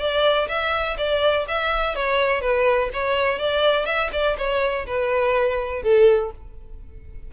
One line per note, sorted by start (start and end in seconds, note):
0.00 0.48 D5
0.49 0.97 E5
0.98 1.46 D5
1.48 1.96 E5
1.96 2.42 C#5
2.42 2.90 B4
2.94 3.39 C#5
3.39 3.86 D5
3.86 4.10 E5
4.13 4.37 D5
4.38 4.87 C#5
4.87 5.83 B4
5.83 6.32 A4